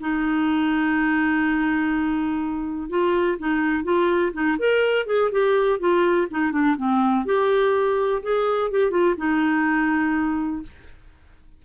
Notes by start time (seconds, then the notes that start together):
0.00 D#4
2.89 F4
3.38 D#4
3.84 F4
4.33 D#4
4.59 A#4
5.06 G#4
5.31 G4
5.79 F4
6.30 D#4
6.52 D4
6.77 C4
7.25 G4
8.23 G#4
8.71 G4
8.91 F4
9.17 D#4